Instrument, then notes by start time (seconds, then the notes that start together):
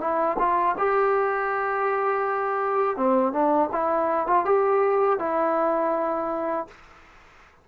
trombone
0.00 E4
0.38 F4
0.77 G4
2.97 C4
3.32 D4
3.72 E4
4.27 F4
4.45 G4
5.19 E4